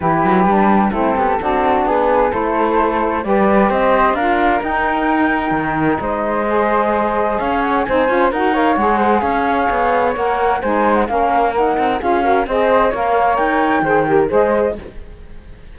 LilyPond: <<
  \new Staff \with { instrumentName = "flute" } { \time 4/4 \tempo 4 = 130 b'2 a'2 | b'4 c''2 d''4 | dis''4 f''4 g''2~ | g''4 dis''2. |
f''8 fis''8 gis''4 fis''8 f''8 fis''4 | f''2 fis''4 gis''8. fis''16 | f''4 fis''4 f''4 dis''4 | f''4 g''2 dis''4 | }
  \new Staff \with { instrumentName = "flute" } { \time 4/4 g'2 e'8 g'8 fis'4 | gis'4 a'2 b'4 | c''4 ais'2.~ | ais'4 c''2. |
cis''4 c''4 ais'8 cis''4 c''8 | cis''2. c''4 | ais'2 gis'8 ais'8 c''4 | cis''2 c''8 ais'8 c''4 | }
  \new Staff \with { instrumentName = "saxophone" } { \time 4/4 e'4 d'4 c'4 d'4~ | d'4 e'2 g'4~ | g'4 f'4 dis'2~ | dis'2 gis'2~ |
gis'4 dis'8 f'8 fis'8 ais'8 gis'4~ | gis'2 ais'4 dis'4 | cis'4 dis'4 f'8 fis'8 gis'4 | ais'2 gis'8 g'8 gis'4 | }
  \new Staff \with { instrumentName = "cello" } { \time 4/4 e8 fis8 g4 a8 b8 c'4 | b4 a2 g4 | c'4 d'4 dis'2 | dis4 gis2. |
cis'4 c'8 cis'8 dis'4 gis4 | cis'4 b4 ais4 gis4 | ais4. c'8 cis'4 c'4 | ais4 dis'4 dis4 gis4 | }
>>